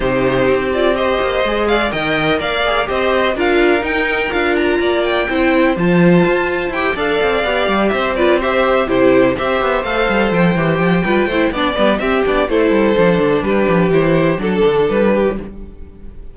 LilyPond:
<<
  \new Staff \with { instrumentName = "violin" } { \time 4/4 \tempo 4 = 125 c''4. d''8 dis''4. f''8 | g''4 f''4 dis''4 f''4 | g''4 f''8 ais''4 g''4. | a''2 g''8 f''4.~ |
f''8 e''8 d''8 e''4 c''4 e''8~ | e''8 f''4 g''2~ g''8 | d''4 e''8 d''8 c''2 | b'4 c''4 a'4 b'4 | }
  \new Staff \with { instrumentName = "violin" } { \time 4/4 g'2 c''4. d''8 | dis''4 d''4 c''4 ais'4~ | ais'2 d''4 c''4~ | c''2~ c''8 d''4.~ |
d''8 c''8 b'8 c''4 g'4 c''8~ | c''2. b'8 c''8 | d''8 b'8 g'4 a'2 | g'2 a'4. g'8 | }
  \new Staff \with { instrumentName = "viola" } { \time 4/4 dis'4. f'8 g'4 gis'4 | ais'4. gis'8 g'4 f'4 | dis'4 f'2 e'4 | f'2 g'8 a'4 g'8~ |
g'4 f'8 g'4 e'4 g'8~ | g'8 a'4. g'4 f'8 e'8 | d'8 b8 c'8 d'8 e'4 d'4~ | d'4 e'4 d'2 | }
  \new Staff \with { instrumentName = "cello" } { \time 4/4 c4 c'4. ais8 gis4 | dis4 ais4 c'4 d'4 | dis'4 d'4 ais4 c'4 | f4 f'4 e'8 d'8 c'8 b8 |
g8 c'2 c4 c'8 | b8 a8 g8 f8 e8 f8 g8 a8 | b8 g8 c'8 b8 a8 g8 f8 d8 | g8 f8 e4 fis8 d8 g4 | }
>>